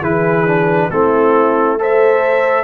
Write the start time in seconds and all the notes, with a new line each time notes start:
0.00 E3 E4 G#4 B4
0.47 D4
0.91 A3 C4 E4 A4
1.79 A4 C5 E5